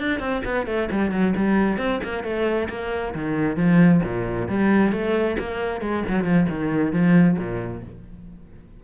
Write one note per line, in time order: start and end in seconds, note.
0.00 0.20 D4
0.20 0.42 C4
0.45 0.67 B3
0.67 0.89 A3
0.92 1.12 G3
1.12 1.34 F#3
1.37 1.78 G3
1.78 2.00 C4
2.04 2.24 A#3
2.24 2.69 A3
2.69 3.14 A#3
3.15 3.57 D#3
3.57 4.01 F3
4.04 4.49 A#2
4.49 4.93 G3
4.93 5.37 A3
5.39 5.81 A#3
5.81 6.04 G#3
6.09 6.24 F#3
6.24 6.47 F3
6.49 6.93 D#3
6.93 7.38 F3
7.39 7.83 A#2